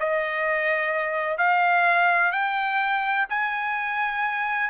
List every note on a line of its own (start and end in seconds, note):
0.00 1.38 D#5
1.38 2.32 F5
2.32 3.27 G5
3.30 4.70 G#5